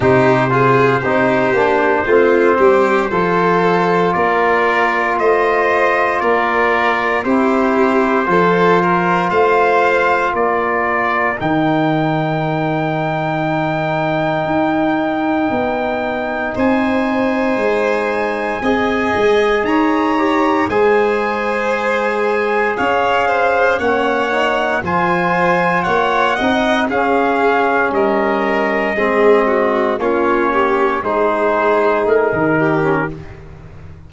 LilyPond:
<<
  \new Staff \with { instrumentName = "trumpet" } { \time 4/4 \tempo 4 = 58 c''1 | d''4 dis''4 d''4 c''4~ | c''4 f''4 d''4 g''4~ | g''1 |
gis''2. ais''4 | gis''2 f''4 fis''4 | gis''4 fis''4 f''4 dis''4~ | dis''4 cis''4 c''4 ais'4 | }
  \new Staff \with { instrumentName = "violin" } { \time 4/4 g'8 gis'8 g'4 f'8 g'8 a'4 | ais'4 c''4 ais'4 g'4 | a'8 ais'8 c''4 ais'2~ | ais'1 |
c''2 dis''4 cis''4 | c''2 cis''8 c''8 cis''4 | c''4 cis''8 dis''8 gis'4 ais'4 | gis'8 fis'8 f'8 g'8 gis'4. g'8 | }
  \new Staff \with { instrumentName = "trombone" } { \time 4/4 dis'8 f'8 dis'8 d'8 c'4 f'4~ | f'2. e'4 | f'2. dis'4~ | dis'1~ |
dis'2 gis'4. g'8 | gis'2. cis'8 dis'8 | f'4. dis'8 cis'2 | c'4 cis'4 dis'4.~ dis'16 cis'16 | }
  \new Staff \with { instrumentName = "tuba" } { \time 4/4 c4 c'8 ais8 a8 g8 f4 | ais4 a4 ais4 c'4 | f4 a4 ais4 dis4~ | dis2 dis'4 b4 |
c'4 gis4 c'8 gis8 dis'4 | gis2 cis'4 ais4 | f4 ais8 c'8 cis'4 g4 | gis4 ais4 gis4 a16 dis8. | }
>>